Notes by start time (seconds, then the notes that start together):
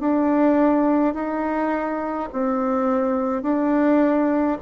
0.00 D4
1.14 D#4
2.33 C4
3.42 D4